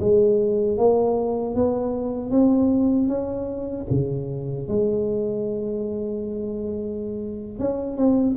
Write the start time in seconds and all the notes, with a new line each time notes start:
0.00 G#3
0.78 A#3
1.55 B3
2.31 C4
3.09 C#4
3.91 C#3
4.69 G#3
7.59 C#4
7.97 C4